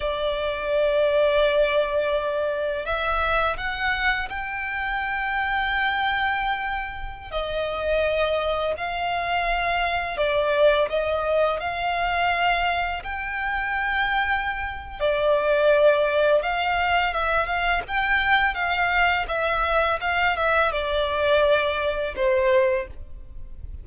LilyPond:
\new Staff \with { instrumentName = "violin" } { \time 4/4 \tempo 4 = 84 d''1 | e''4 fis''4 g''2~ | g''2~ g''16 dis''4.~ dis''16~ | dis''16 f''2 d''4 dis''8.~ |
dis''16 f''2 g''4.~ g''16~ | g''4 d''2 f''4 | e''8 f''8 g''4 f''4 e''4 | f''8 e''8 d''2 c''4 | }